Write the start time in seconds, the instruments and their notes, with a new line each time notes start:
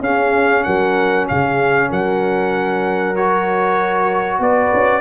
0.00 tuba C#4, trombone C#4, horn G#4, trumpet F5
0.63 tuba F#3, horn A#4, trumpet F#5
1.28 tuba C#3, horn G#4, trumpet F5
1.89 tuba F#3, horn A#4, trumpet F#5
3.15 trombone F#4, trumpet C#5
4.39 tuba B3, horn B4, trumpet D5
4.73 tuba C#4